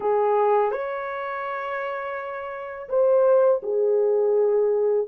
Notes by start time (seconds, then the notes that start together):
0.00 G#4
0.71 C#5
2.88 C5
3.62 G#4